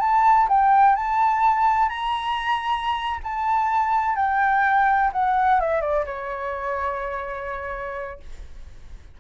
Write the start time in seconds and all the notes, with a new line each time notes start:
0.00 A5
0.49 G5
0.96 A5
1.89 A#5
3.24 A5
4.16 G5
5.13 F#5
5.60 E5
5.81 D5
6.06 C#5